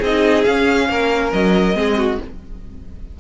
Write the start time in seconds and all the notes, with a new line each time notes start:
0.00 C4 D#4 G#4 D#5
0.44 C#4 F5
0.89 A#3 A#4
1.33 F#3 D#5
1.74 G#3 C4 G#4
1.98 F#4